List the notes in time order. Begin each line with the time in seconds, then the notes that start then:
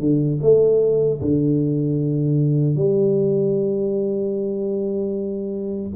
0.00 D3
0.42 A3
1.22 D3
2.76 G3